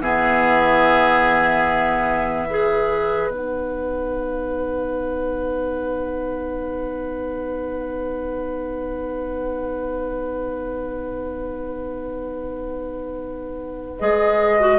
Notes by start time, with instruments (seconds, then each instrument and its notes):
0.00 bassoon E3, clarinet B3, oboe G#4, flute E5
2.48 clarinet G#4, oboe B4
3.29 bassoon B3, clarinet D#4, flute F#5
14.00 bassoon G#3, clarinet G#4, flute D#5
14.61 clarinet F#4